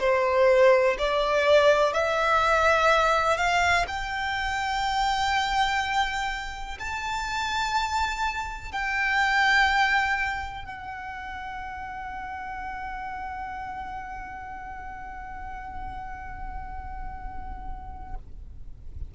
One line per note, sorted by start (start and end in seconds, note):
0.00 0.97 C5
0.99 1.94 D5
1.94 3.37 E5
3.37 3.86 F5
3.88 6.78 G5
6.80 8.72 A5
8.72 10.65 G5
10.65 18.15 F#5